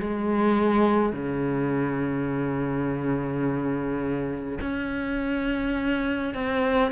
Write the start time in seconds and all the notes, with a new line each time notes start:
0.00 G#3
1.13 C#3
4.61 C#4
6.34 C4